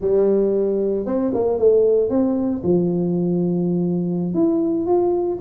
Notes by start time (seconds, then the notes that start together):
0.00 G3
1.06 C4
1.33 A#3
1.58 A3
2.09 C4
2.63 F3
4.34 E4
4.86 F4